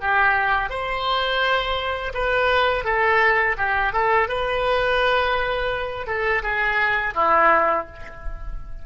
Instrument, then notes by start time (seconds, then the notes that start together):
oboe
0.00 G4
0.69 C5
2.14 B4
2.84 A4
3.57 G4
3.93 A4
4.28 B4
6.06 A4
6.42 G#4
7.14 E4